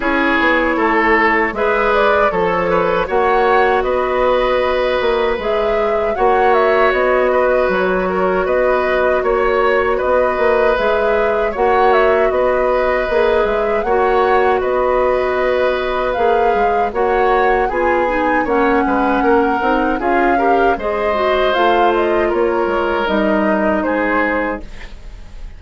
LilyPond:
<<
  \new Staff \with { instrumentName = "flute" } { \time 4/4 \tempo 4 = 78 cis''2 e''8 d''8 cis''4 | fis''4 dis''2 e''4 | fis''8 e''8 dis''4 cis''4 dis''4 | cis''4 dis''4 e''4 fis''8 e''8 |
dis''4. e''8 fis''4 dis''4~ | dis''4 f''4 fis''4 gis''4 | fis''2 f''4 dis''4 | f''8 dis''8 cis''4 dis''4 c''4 | }
  \new Staff \with { instrumentName = "oboe" } { \time 4/4 gis'4 a'4 b'4 a'8 b'8 | cis''4 b'2. | cis''4. b'4 ais'8 b'4 | cis''4 b'2 cis''4 |
b'2 cis''4 b'4~ | b'2 cis''4 gis'4 | cis''8 b'8 ais'4 gis'8 ais'8 c''4~ | c''4 ais'2 gis'4 | }
  \new Staff \with { instrumentName = "clarinet" } { \time 4/4 e'2 gis'4 a'4 | fis'2. gis'4 | fis'1~ | fis'2 gis'4 fis'4~ |
fis'4 gis'4 fis'2~ | fis'4 gis'4 fis'4 f'8 dis'8 | cis'4. dis'8 f'8 g'8 gis'8 fis'8 | f'2 dis'2 | }
  \new Staff \with { instrumentName = "bassoon" } { \time 4/4 cis'8 b8 a4 gis4 f4 | ais4 b4. ais8 gis4 | ais4 b4 fis4 b4 | ais4 b8 ais8 gis4 ais4 |
b4 ais8 gis8 ais4 b4~ | b4 ais8 gis8 ais4 b4 | ais8 gis8 ais8 c'8 cis'4 gis4 | a4 ais8 gis8 g4 gis4 | }
>>